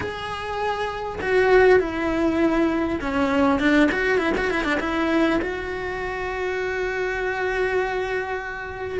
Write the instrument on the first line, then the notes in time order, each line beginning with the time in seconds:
cello
0.00 G#4
1.21 F#4
1.79 E4
3.01 C#4
3.59 D4
3.91 F#4
4.18 E4
4.37 F#4
4.50 E4
4.63 D4
4.79 E4
5.41 F#4